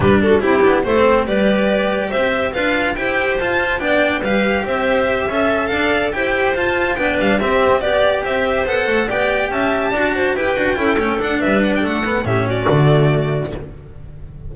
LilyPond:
<<
  \new Staff \with { instrumentName = "violin" } { \time 4/4 \tempo 4 = 142 b'8 a'8 g'4 c''4 d''4~ | d''4 e''4 f''4 g''4 | a''4 g''4 f''4 e''4~ | e''4. f''4 g''4 a''8~ |
a''8 g''8 f''8 e''4 d''4 e''8~ | e''8 fis''4 g''4 a''4.~ | a''8 g''2 fis''8 e''8 fis''16 g''16 | fis''4 e''8 d''2~ d''8 | }
  \new Staff \with { instrumentName = "clarinet" } { \time 4/4 g'8 fis'8 e'4 a'4 b'4~ | b'4 c''4 b'4 c''4~ | c''4 d''4 b'4 c''4~ | c''8 e''4 d''4 c''4.~ |
c''8 b'4 g'4 d''4 c''8~ | c''4. d''4 e''4 d''8 | c''8 b'4 a'4. b'4 | a'4 g'8 fis'2~ fis'8 | }
  \new Staff \with { instrumentName = "cello" } { \time 4/4 d'4 e'8 d'8 e'16 c'8. g'4~ | g'2 f'4 g'4 | f'4 d'4 g'2~ | g'8 a'2 g'4 f'8~ |
f'8 d'4 c'4 g'4.~ | g'8 a'4 g'2 fis'8~ | fis'8 g'8 fis'8 e'8 cis'8 d'4.~ | d'8 b8 cis'4 a2 | }
  \new Staff \with { instrumentName = "double bass" } { \time 4/4 g4 c'8 b8 a4 g4~ | g4 c'4 d'4 e'4 | f'4 b4 g4 c'4~ | c'8 cis'4 d'4 e'4 f'8~ |
f'8 b8 g8 c'4 b4 c'8~ | c'8 b8 a8 b4 cis'4 d'8~ | d'8 e'8 d'8 cis'8 a8 d'8 g4 | a4 a,4 d2 | }
>>